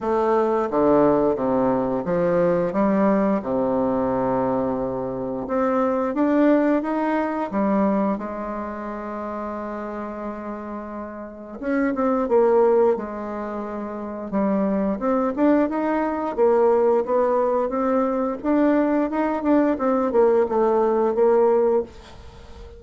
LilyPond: \new Staff \with { instrumentName = "bassoon" } { \time 4/4 \tempo 4 = 88 a4 d4 c4 f4 | g4 c2. | c'4 d'4 dis'4 g4 | gis1~ |
gis4 cis'8 c'8 ais4 gis4~ | gis4 g4 c'8 d'8 dis'4 | ais4 b4 c'4 d'4 | dis'8 d'8 c'8 ais8 a4 ais4 | }